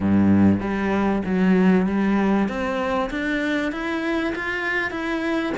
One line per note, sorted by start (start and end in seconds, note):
0.00 0.60 G2
0.60 1.22 G3
1.25 1.86 F#3
1.86 2.48 G3
2.48 3.10 C4
3.10 3.71 D4
3.71 4.33 E4
4.35 4.90 F4
4.90 5.52 E4